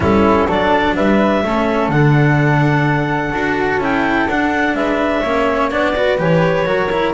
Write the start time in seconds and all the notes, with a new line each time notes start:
0.00 G3 C#4 E4 A4
0.46 F#3 D4 A4 D5
0.95 G3 B4 E5
1.43 A3 C#4 A4
1.88 D3 D4 F#5
3.33 D4 F#4
3.77 C#4 E4 G5
4.27 D4 F#5
4.74 G#3 B4 E5
5.20 A#3 C#4 C#5
5.71 B3 D4 D5
5.95 F#4 B4
6.17 E3 G4 C#5
6.65 F#3 F#4 A#4
6.91 E4